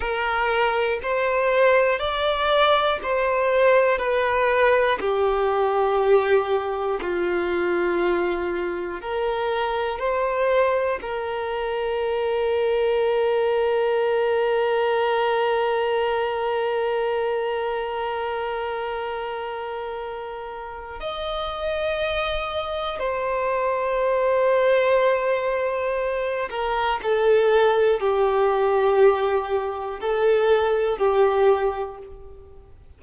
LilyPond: \new Staff \with { instrumentName = "violin" } { \time 4/4 \tempo 4 = 60 ais'4 c''4 d''4 c''4 | b'4 g'2 f'4~ | f'4 ais'4 c''4 ais'4~ | ais'1~ |
ais'1~ | ais'4 dis''2 c''4~ | c''2~ c''8 ais'8 a'4 | g'2 a'4 g'4 | }